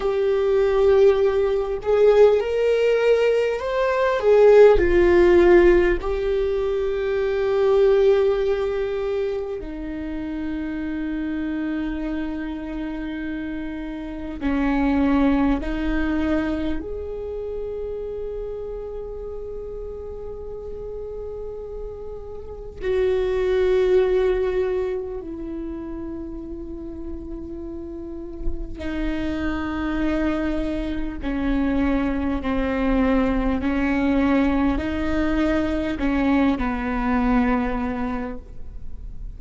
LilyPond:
\new Staff \with { instrumentName = "viola" } { \time 4/4 \tempo 4 = 50 g'4. gis'8 ais'4 c''8 gis'8 | f'4 g'2. | dis'1 | cis'4 dis'4 gis'2~ |
gis'2. fis'4~ | fis'4 e'2. | dis'2 cis'4 c'4 | cis'4 dis'4 cis'8 b4. | }